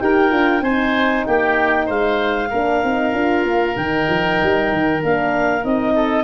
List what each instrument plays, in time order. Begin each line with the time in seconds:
0.00 tuba D#4, horn G4, oboe A#4, clarinet G5
0.31 tuba D4, horn F4
0.62 tuba C4, horn D#4, oboe C5, clarinet G#5
1.26 tuba A#3, oboe G4, clarinet G5
1.86 tuba G#3, oboe C5, clarinet F5
2.50 tuba A#3, horn D4, oboe A#4
2.84 tuba C4, horn D#4
3.13 tuba D4, horn F4
3.44 tuba A#3
3.77 tuba D#3, horn D#4, clarinet G5
4.10 tuba F3
4.43 tuba G3
4.72 tuba D#3
5.03 tuba A#3, horn D4, clarinet F5
5.62 tuba C4, horn D#4, clarinet D#5
5.95 oboe A4